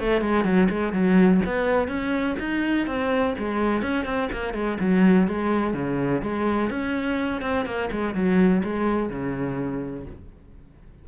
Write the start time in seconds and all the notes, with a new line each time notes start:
0.00 A3
0.21 G#3
0.45 F#3
0.70 G#3
0.93 F#3
1.46 B3
1.88 C#4
2.39 D#4
2.87 C4
3.38 G#3
3.82 C#4
4.05 C4
4.32 A#3
4.54 G#3
4.80 F#3
5.28 G#3
5.74 C#3
6.22 G#3
6.70 C#4
7.42 C4
7.65 A#3
7.91 G#3
8.15 F#3
8.64 G#3
9.10 C#3